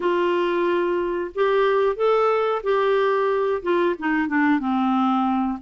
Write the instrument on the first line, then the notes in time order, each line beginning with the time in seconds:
clarinet
0.00 F4
1.34 G4
1.96 A4
2.63 G4
3.62 F4
3.99 D#4
4.27 D4
4.59 C4